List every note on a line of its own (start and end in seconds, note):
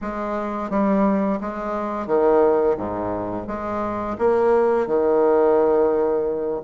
0.01 0.70 G#3
0.70 1.40 G3
1.40 2.06 G#3
2.06 2.76 D#3
2.77 3.47 G#2
3.47 4.17 G#3
4.18 4.86 A#3
4.86 6.61 D#3